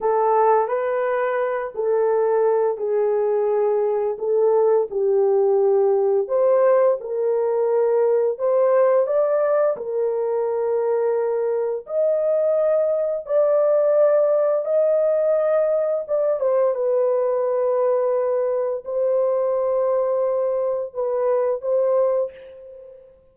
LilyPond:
\new Staff \with { instrumentName = "horn" } { \time 4/4 \tempo 4 = 86 a'4 b'4. a'4. | gis'2 a'4 g'4~ | g'4 c''4 ais'2 | c''4 d''4 ais'2~ |
ais'4 dis''2 d''4~ | d''4 dis''2 d''8 c''8 | b'2. c''4~ | c''2 b'4 c''4 | }